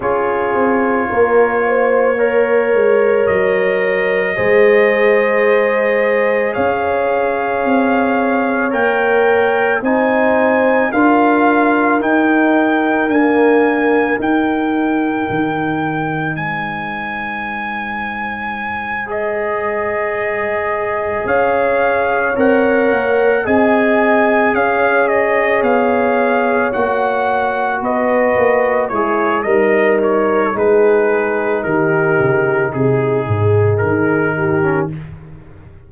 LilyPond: <<
  \new Staff \with { instrumentName = "trumpet" } { \time 4/4 \tempo 4 = 55 cis''2. dis''4~ | dis''2 f''2 | g''4 gis''4 f''4 g''4 | gis''4 g''2 gis''4~ |
gis''4. dis''2 f''8~ | f''8 fis''4 gis''4 f''8 dis''8 f''8~ | f''8 fis''4 dis''4 cis''8 dis''8 cis''8 | b'4 ais'4 gis'4 ais'4 | }
  \new Staff \with { instrumentName = "horn" } { \time 4/4 gis'4 ais'8 c''8 cis''2 | c''2 cis''2~ | cis''4 c''4 ais'2~ | ais'2. c''4~ |
c''2.~ c''8 cis''8~ | cis''4. dis''4 cis''4.~ | cis''4. b'4 e'8 dis'4 | gis'4 g'4 gis'4. g'8 | }
  \new Staff \with { instrumentName = "trombone" } { \time 4/4 f'2 ais'2 | gis'1 | ais'4 dis'4 f'4 dis'4 | ais4 dis'2.~ |
dis'4. gis'2~ gis'8~ | gis'8 ais'4 gis'2~ gis'8~ | gis'8 fis'2 gis'8 ais'4 | dis'2.~ dis'8. cis'16 | }
  \new Staff \with { instrumentName = "tuba" } { \time 4/4 cis'8 c'8 ais4. gis8 fis4 | gis2 cis'4 c'4 | ais4 c'4 d'4 dis'4 | d'4 dis'4 dis4 gis4~ |
gis2.~ gis8 cis'8~ | cis'8 c'8 ais8 c'4 cis'4 b8~ | b8 ais4 b8 ais8 gis8 g4 | gis4 dis8 cis8 c8 gis,8 dis4 | }
>>